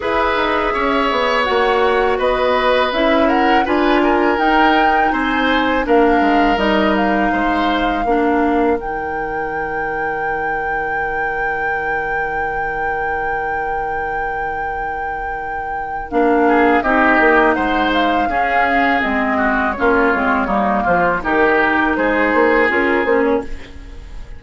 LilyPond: <<
  \new Staff \with { instrumentName = "flute" } { \time 4/4 \tempo 4 = 82 e''2 fis''4 dis''4 | e''8 fis''8 gis''4 g''4 gis''4 | f''4 dis''8 f''2~ f''8 | g''1~ |
g''1~ | g''2 f''4 dis''4 | fis''8 f''4. dis''4 cis''4~ | cis''8 c''8 ais'4 c''4 ais'8 c''16 cis''16 | }
  \new Staff \with { instrumentName = "oboe" } { \time 4/4 b'4 cis''2 b'4~ | b'8 ais'8 b'8 ais'4. c''4 | ais'2 c''4 ais'4~ | ais'1~ |
ais'1~ | ais'2~ ais'8 gis'8 g'4 | c''4 gis'4. fis'8 f'4 | dis'8 f'8 g'4 gis'2 | }
  \new Staff \with { instrumentName = "clarinet" } { \time 4/4 gis'2 fis'2 | e'4 f'4 dis'2 | d'4 dis'2 d'4 | dis'1~ |
dis'1~ | dis'2 d'4 dis'4~ | dis'4 cis'4 c'4 cis'8 c'8 | ais4 dis'2 f'8 cis'8 | }
  \new Staff \with { instrumentName = "bassoon" } { \time 4/4 e'8 dis'8 cis'8 b8 ais4 b4 | cis'4 d'4 dis'4 c'4 | ais8 gis8 g4 gis4 ais4 | dis1~ |
dis1~ | dis2 ais4 c'8 ais8 | gis4 cis'4 gis4 ais8 gis8 | g8 f8 dis4 gis8 ais8 cis'8 ais8 | }
>>